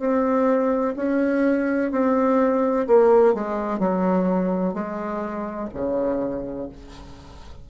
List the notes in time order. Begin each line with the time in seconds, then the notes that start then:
0.00 C4
0.97 C#4
1.92 C4
2.87 A#3
3.35 G#3
3.80 F#3
4.74 G#3
5.74 C#3